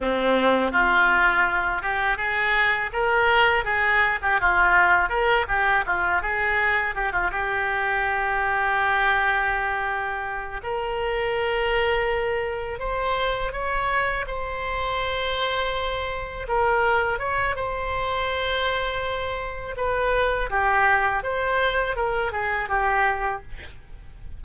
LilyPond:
\new Staff \with { instrumentName = "oboe" } { \time 4/4 \tempo 4 = 82 c'4 f'4. g'8 gis'4 | ais'4 gis'8. g'16 f'4 ais'8 g'8 | f'8 gis'4 g'16 f'16 g'2~ | g'2~ g'8 ais'4.~ |
ais'4. c''4 cis''4 c''8~ | c''2~ c''8 ais'4 cis''8 | c''2. b'4 | g'4 c''4 ais'8 gis'8 g'4 | }